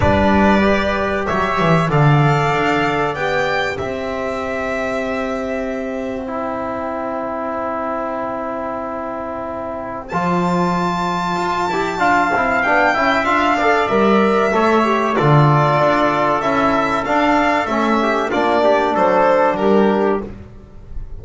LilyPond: <<
  \new Staff \with { instrumentName = "violin" } { \time 4/4 \tempo 4 = 95 d''2 e''4 f''4~ | f''4 g''4 e''2~ | e''2 g''2~ | g''1 |
a''1 | g''4 f''4 e''2 | d''2 e''4 f''4 | e''4 d''4 c''4 ais'4 | }
  \new Staff \with { instrumentName = "trumpet" } { \time 4/4 b'2 cis''4 d''4~ | d''2 c''2~ | c''1~ | c''1~ |
c''2. f''4~ | f''8 e''4 d''4. cis''4 | a'1~ | a'8 g'8 f'8 g'8 a'4 g'4 | }
  \new Staff \with { instrumentName = "trombone" } { \time 4/4 d'4 g'2 a'4~ | a'4 g'2.~ | g'2 e'2~ | e'1 |
f'2~ f'8 g'8 f'8 e'8 | d'8 e'8 f'8 a'8 ais'4 a'8 g'8 | f'2 e'4 d'4 | cis'4 d'2. | }
  \new Staff \with { instrumentName = "double bass" } { \time 4/4 g2 fis8 e8 d4 | d'4 b4 c'2~ | c'1~ | c'1 |
f2 f'8 e'8 d'8 c'8 | b8 cis'8 d'4 g4 a4 | d4 d'4 cis'4 d'4 | a4 ais4 fis4 g4 | }
>>